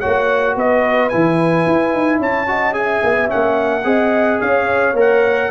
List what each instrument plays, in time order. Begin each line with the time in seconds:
0.00 trombone F#4, horn C#5, trumpet F#5
0.06 tuba A#3
0.56 tuba B3, horn B4, trumpet D#5
1.10 tuba E3, trombone E4, trumpet G#5
1.67 tuba E4
1.94 tuba D#4
2.19 tuba C#4, horn C#5, trumpet A5
2.47 trombone F#4, horn D#5
2.73 trombone G#4, horn E5, trumpet G#5
3.04 tuba B3
3.28 trombone C#4, trumpet F#5
3.34 tuba A#3
3.84 tuba C4, trombone G#4, horn D#5
4.41 tuba C#4, horn C#5, trumpet F5
4.94 tuba A#3, trombone A#4
5.01 trumpet F#5